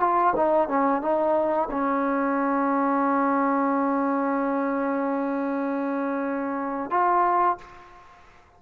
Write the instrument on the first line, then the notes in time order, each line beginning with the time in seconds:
trombone
0.00 F4
0.36 D#4
0.68 C#4
1.01 D#4
1.71 C#4
6.90 F4